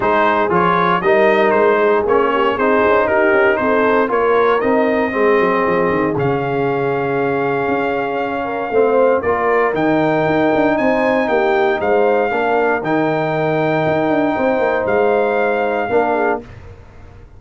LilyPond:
<<
  \new Staff \with { instrumentName = "trumpet" } { \time 4/4 \tempo 4 = 117 c''4 cis''4 dis''4 c''4 | cis''4 c''4 ais'4 c''4 | cis''4 dis''2. | f''1~ |
f''2 d''4 g''4~ | g''4 gis''4 g''4 f''4~ | f''4 g''2.~ | g''4 f''2. | }
  \new Staff \with { instrumentName = "horn" } { \time 4/4 gis'2 ais'4. gis'8~ | gis'8 g'8 gis'4 g'4 a'4 | ais'2 gis'2~ | gis'1~ |
gis'8 ais'8 c''4 ais'2~ | ais'4 c''4 g'4 c''4 | ais'1 | c''2. ais'8 gis'8 | }
  \new Staff \with { instrumentName = "trombone" } { \time 4/4 dis'4 f'4 dis'2 | cis'4 dis'2. | f'4 dis'4 c'2 | cis'1~ |
cis'4 c'4 f'4 dis'4~ | dis'1 | d'4 dis'2.~ | dis'2. d'4 | }
  \new Staff \with { instrumentName = "tuba" } { \time 4/4 gis4 f4 g4 gis4 | ais4 c'8 cis'8 dis'8 cis'8 c'4 | ais4 c'4 gis8 fis8 f8 dis8 | cis2. cis'4~ |
cis'4 a4 ais4 dis4 | dis'8 d'8 c'4 ais4 gis4 | ais4 dis2 dis'8 d'8 | c'8 ais8 gis2 ais4 | }
>>